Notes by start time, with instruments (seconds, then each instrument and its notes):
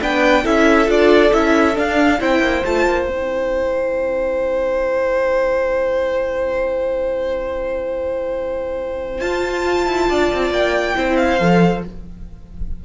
0.00 cello B3, viola D4, violin B4 G5
0.43 cello C#4, viola E4, violin A4 E5
0.86 cello D4, viola F4, violin D5
1.33 cello C#4, viola E4, violin E5
1.74 viola D4, cello D4, violin F5
2.19 cello C4, viola E4, violin C5 G5
2.39 cello A#3
2.65 cello A3, viola F4, violin A5
2.86 cello A#3
3.08 cello C4, viola E4, violin G5
9.20 cello F4, viola F4, violin A5
9.86 cello E4
10.08 cello D4, violin D5
10.33 cello C4
10.50 cello A#3, violin G5
10.95 cello C4, viola E4, violin C5
11.17 violin F5
11.39 cello F3, viola A4